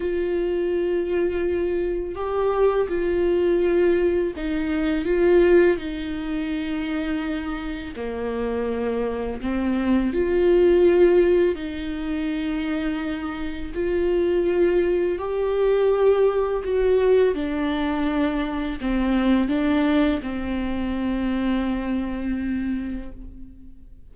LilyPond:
\new Staff \with { instrumentName = "viola" } { \time 4/4 \tempo 4 = 83 f'2. g'4 | f'2 dis'4 f'4 | dis'2. ais4~ | ais4 c'4 f'2 |
dis'2. f'4~ | f'4 g'2 fis'4 | d'2 c'4 d'4 | c'1 | }